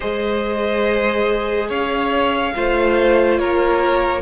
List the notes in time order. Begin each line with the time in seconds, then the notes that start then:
0.00 G#3 G#4 C5 D#5
1.68 C#4 C#5 F5
2.54 A3 F4 C5
3.37 A#3 A#4 C#5